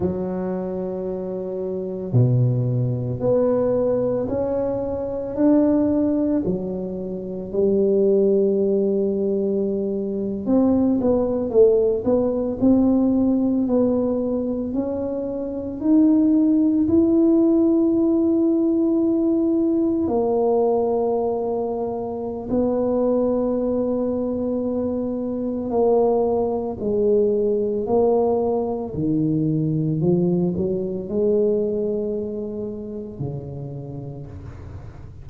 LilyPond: \new Staff \with { instrumentName = "tuba" } { \time 4/4 \tempo 4 = 56 fis2 b,4 b4 | cis'4 d'4 fis4 g4~ | g4.~ g16 c'8 b8 a8 b8 c'16~ | c'8. b4 cis'4 dis'4 e'16~ |
e'2~ e'8. ais4~ ais16~ | ais4 b2. | ais4 gis4 ais4 dis4 | f8 fis8 gis2 cis4 | }